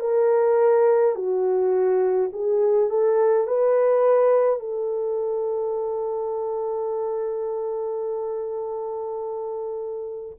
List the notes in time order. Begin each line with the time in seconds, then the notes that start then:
0.00 A#4
1.15 F#4
2.33 G#4
2.90 A4
3.47 B4
4.59 A4